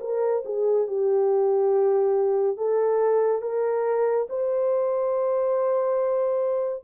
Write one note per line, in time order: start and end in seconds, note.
0.00 0.43 A#4
0.45 0.87 G#4
0.87 2.57 G4
2.57 3.42 A4
3.42 4.27 A#4
4.29 6.84 C5